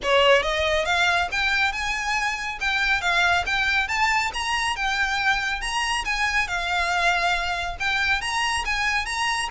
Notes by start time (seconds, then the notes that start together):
0.02 C#5
0.42 D#5
0.85 F5
1.31 G5
1.72 G#5
2.60 G5
3.01 F5
3.46 G5
3.88 A5
4.33 A#5
4.76 G5
5.61 A#5
6.05 G#5
6.47 F5
7.79 G5
8.21 A#5
8.65 G#5
9.05 A#5